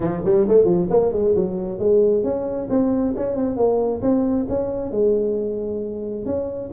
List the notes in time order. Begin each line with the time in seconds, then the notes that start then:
0.00 F3
0.24 G3
0.48 A3
0.65 F3
0.90 A#3
1.12 G#3
1.35 F#3
1.78 G#3
2.23 C#4
2.69 C4
3.16 C#4
3.36 C4
3.56 A#3
4.01 C4
4.48 C#4
4.91 G#3
6.25 C#4